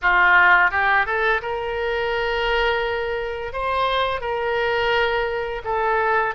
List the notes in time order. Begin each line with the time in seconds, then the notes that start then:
0.02 F4
0.70 G4
1.06 A4
1.41 A#4
3.52 C5
4.20 A#4
5.64 A4